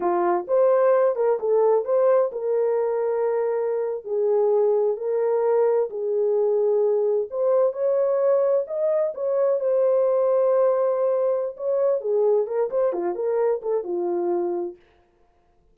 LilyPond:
\new Staff \with { instrumentName = "horn" } { \time 4/4 \tempo 4 = 130 f'4 c''4. ais'8 a'4 | c''4 ais'2.~ | ais'8. gis'2 ais'4~ ais'16~ | ais'8. gis'2. c''16~ |
c''8. cis''2 dis''4 cis''16~ | cis''8. c''2.~ c''16~ | c''4 cis''4 gis'4 ais'8 c''8 | f'8 ais'4 a'8 f'2 | }